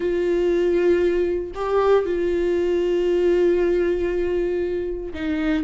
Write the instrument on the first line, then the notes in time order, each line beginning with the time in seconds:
viola
0.00 F4
1.55 G4
2.05 F4
5.13 D#4